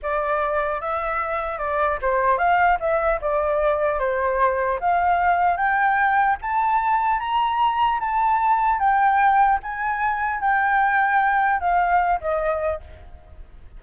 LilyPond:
\new Staff \with { instrumentName = "flute" } { \time 4/4 \tempo 4 = 150 d''2 e''2 | d''4 c''4 f''4 e''4 | d''2 c''2 | f''2 g''2 |
a''2 ais''2 | a''2 g''2 | gis''2 g''2~ | g''4 f''4. dis''4. | }